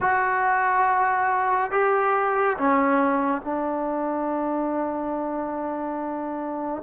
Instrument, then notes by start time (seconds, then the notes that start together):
trombone
0.00 F#4
1.71 G4
2.57 C#4
3.41 D4